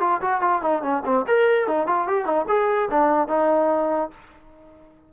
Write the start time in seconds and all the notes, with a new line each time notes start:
0.00 F4
0.21 F#4
0.41 F4
0.62 D#4
0.82 C#4
1.05 C4
1.27 A#4
1.67 D#4
1.87 F4
2.08 G4
2.25 D#4
2.48 G#4
2.90 D4
3.28 D#4